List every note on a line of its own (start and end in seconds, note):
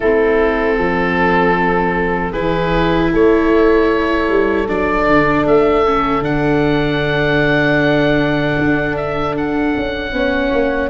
0.00 0.78 A3
0.00 2.33 C4
0.00 0.77 E4
0.00 2.32 A4
0.77 2.33 F3
0.77 2.32 A4
2.32 3.11 E3
2.32 4.67 E4
2.32 3.10 G#4
2.32 3.10 B4
3.12 4.29 A3
3.12 10.13 A4
3.12 4.68 C#5
4.29 4.68 G3
4.68 5.07 F#3
4.68 5.84 D4
4.68 5.46 D5
5.07 5.45 D3
5.45 6.22 A3
5.45 6.24 E5
5.85 6.21 C#4
6.21 8.56 D3
6.21 10.11 D4
6.21 8.96 F#5
8.58 9.75 D4
8.96 9.35 E5
9.37 10.89 F#5
9.76 10.12 C#4
10.12 10.51 B3
10.12 10.89 C#4
10.12 10.89 C#5
10.52 10.89 A#3